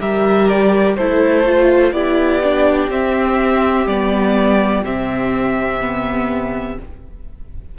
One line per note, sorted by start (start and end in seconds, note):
0.00 0.97 G3
0.00 0.97 G4
0.00 0.97 A#4
0.00 0.49 E5
0.49 0.96 D5
0.96 1.92 A3
0.96 1.46 E4
0.96 1.93 A4
0.96 1.93 C5
1.46 1.94 F4
1.92 2.89 B3
1.92 2.42 E4
1.92 6.77 G4
1.92 2.90 D5
2.43 2.91 D4
2.90 3.86 C4
2.90 3.87 C4
2.90 3.87 E5
3.86 4.83 G3
3.86 4.85 B3
3.86 4.84 D5
4.84 6.77 C3
4.84 5.81 C4
4.84 6.79 E5
5.81 6.77 B3